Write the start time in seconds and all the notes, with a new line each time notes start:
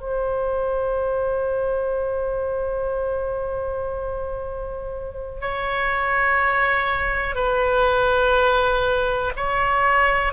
0.00 C5
5.41 C#5
7.35 B4
9.37 C#5